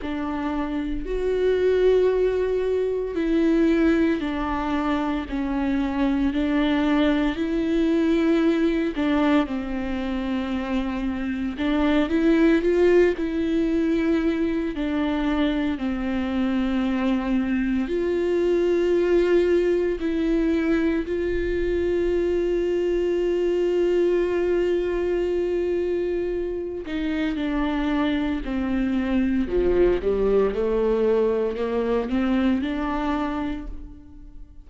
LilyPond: \new Staff \with { instrumentName = "viola" } { \time 4/4 \tempo 4 = 57 d'4 fis'2 e'4 | d'4 cis'4 d'4 e'4~ | e'8 d'8 c'2 d'8 e'8 | f'8 e'4. d'4 c'4~ |
c'4 f'2 e'4 | f'1~ | f'4. dis'8 d'4 c'4 | f8 g8 a4 ais8 c'8 d'4 | }